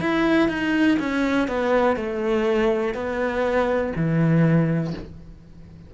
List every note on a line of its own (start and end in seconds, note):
0.00 0.48 E4
0.48 0.97 D#4
0.99 1.48 C#4
1.48 1.96 B3
1.96 2.94 A3
2.94 3.93 B3
3.95 4.94 E3